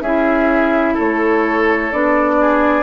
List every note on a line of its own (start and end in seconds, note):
0.00 0.94 C#4
0.00 1.92 E4
0.00 0.94 G#4
0.00 0.96 E5
0.94 1.92 A3
0.94 2.35 A4
0.94 1.92 C#5
1.92 2.83 B3
1.92 2.83 D4
1.92 2.83 D5
2.41 2.83 G#4